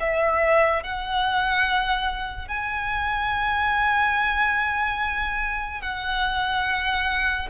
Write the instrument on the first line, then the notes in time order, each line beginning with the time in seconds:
violin
0.00 E5
0.83 F#5
2.48 G#5
5.81 F#5